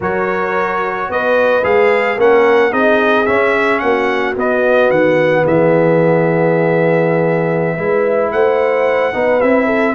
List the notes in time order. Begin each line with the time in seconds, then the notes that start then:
0.00 F#3 F#4 A#4 C#5
1.08 B3 B4 D#5
1.63 G#3 G#4 F5
2.17 A#3 C#4 A#4 F#5
2.71 C4 D#4 G#4 D#5
3.26 C#4 E5
3.79 A#3 F#4 F#5
4.36 B3 D#5
4.90 D#3 F#5
5.43 E3 G#4 E5
7.75 G#3 E4 B4
8.32 A3 C5 F#5
9.13 B3 D#4 B4
9.41 C4 E4 E5
9.66 A4